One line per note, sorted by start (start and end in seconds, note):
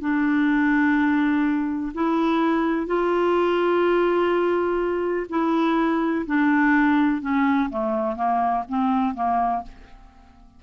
0.00 1.92 D4
1.94 2.86 E4
2.86 5.26 F4
5.29 6.25 E4
6.26 7.21 D4
7.21 7.69 C#4
7.70 8.16 A3
8.16 8.64 A#3
8.68 9.14 C4
9.14 9.62 A#3